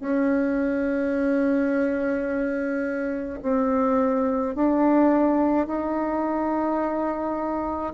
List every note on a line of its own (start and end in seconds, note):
0.00 3.40 C#4
3.42 4.55 C4
4.55 5.67 D4
5.67 7.93 D#4